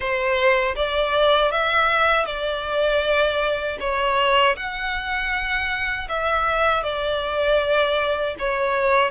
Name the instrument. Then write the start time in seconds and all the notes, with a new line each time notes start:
violin
0.00 C5
0.75 D5
1.51 E5
2.25 D5
3.80 C#5
4.56 F#5
6.08 E5
6.83 D5
8.38 C#5